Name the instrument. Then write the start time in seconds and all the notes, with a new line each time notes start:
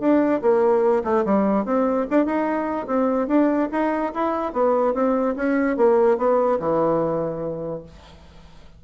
bassoon
0.00 D4
0.42 A#3
1.04 A3
1.25 G3
1.65 C4
2.11 D4
2.26 D#4
2.87 C4
3.28 D4
3.72 D#4
4.14 E4
4.53 B3
4.94 C4
5.36 C#4
5.77 A#3
6.18 B3
6.60 E3